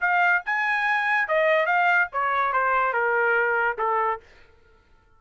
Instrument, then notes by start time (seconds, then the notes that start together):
trumpet
0.00 F5
0.45 G#5
1.28 D#5
1.66 F5
2.12 C#5
2.52 C5
2.93 A#4
3.77 A4